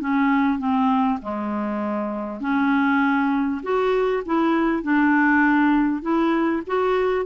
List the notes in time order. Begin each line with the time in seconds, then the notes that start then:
0.00 C#4
0.58 C4
1.21 G#3
2.40 C#4
3.63 F#4
4.25 E4
4.83 D4
6.02 E4
6.67 F#4